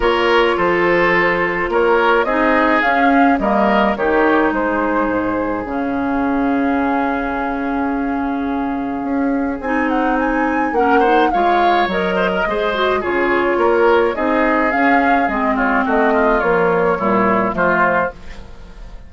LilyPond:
<<
  \new Staff \with { instrumentName = "flute" } { \time 4/4 \tempo 4 = 106 cis''4 c''2 cis''4 | dis''4 f''4 dis''4 cis''4 | c''2 f''2~ | f''1~ |
f''4 gis''8 fis''8 gis''4 fis''4 | f''4 dis''2 cis''4~ | cis''4 dis''4 f''4 dis''8 cis''8 | dis''4 cis''2 c''4 | }
  \new Staff \with { instrumentName = "oboe" } { \time 4/4 ais'4 a'2 ais'4 | gis'2 ais'4 g'4 | gis'1~ | gis'1~ |
gis'2. ais'8 c''8 | cis''4. c''16 ais'16 c''4 gis'4 | ais'4 gis'2~ gis'8 f'8 | fis'8 f'4. e'4 f'4 | }
  \new Staff \with { instrumentName = "clarinet" } { \time 4/4 f'1 | dis'4 cis'4 ais4 dis'4~ | dis'2 cis'2~ | cis'1~ |
cis'4 dis'2 cis'8 dis'8 | f'4 ais'4 gis'8 fis'8 f'4~ | f'4 dis'4 cis'4 c'4~ | c'4 f4 g4 a4 | }
  \new Staff \with { instrumentName = "bassoon" } { \time 4/4 ais4 f2 ais4 | c'4 cis'4 g4 dis4 | gis4 gis,4 cis2~ | cis1 |
cis'4 c'2 ais4 | gis4 fis4 gis4 cis4 | ais4 c'4 cis'4 gis4 | a4 ais4 ais,4 f4 | }
>>